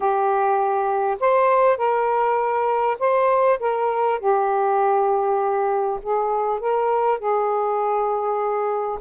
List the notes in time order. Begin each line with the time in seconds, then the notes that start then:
0.00 G4
1.20 C5
1.77 A#4
2.99 C5
3.59 A#4
4.19 G4
6.02 G#4
6.59 A#4
7.18 G#4